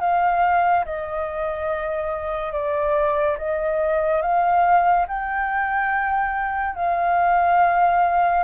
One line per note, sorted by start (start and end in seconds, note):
0.00 0.85 F5
0.85 2.52 D#5
2.52 3.37 D5
3.38 4.22 D#5
4.22 5.06 F5
5.08 6.75 G5
6.75 8.44 F5